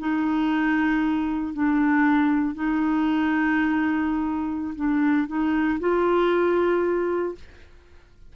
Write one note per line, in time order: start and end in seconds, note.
0.00 1.54 D#4
1.54 2.55 D4
2.55 4.75 D#4
4.76 5.28 D4
5.28 5.80 D#4
5.80 7.35 F4